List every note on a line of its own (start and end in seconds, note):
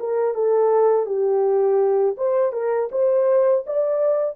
0.00 0.35 A#4
0.35 1.06 A4
1.06 2.16 G4
2.18 2.53 C5
2.53 2.90 A#4
2.92 3.65 C5
3.67 4.36 D5